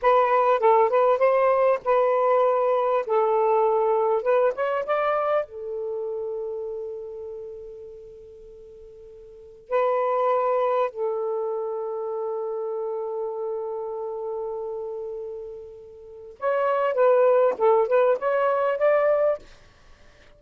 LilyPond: \new Staff \with { instrumentName = "saxophone" } { \time 4/4 \tempo 4 = 99 b'4 a'8 b'8 c''4 b'4~ | b'4 a'2 b'8 cis''8 | d''4 a'2.~ | a'1 |
b'2 a'2~ | a'1~ | a'2. cis''4 | b'4 a'8 b'8 cis''4 d''4 | }